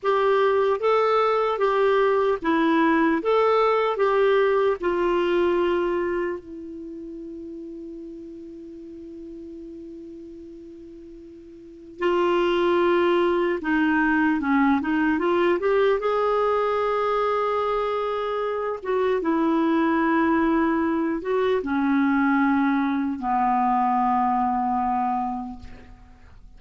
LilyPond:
\new Staff \with { instrumentName = "clarinet" } { \time 4/4 \tempo 4 = 75 g'4 a'4 g'4 e'4 | a'4 g'4 f'2 | e'1~ | e'2. f'4~ |
f'4 dis'4 cis'8 dis'8 f'8 g'8 | gis'2.~ gis'8 fis'8 | e'2~ e'8 fis'8 cis'4~ | cis'4 b2. | }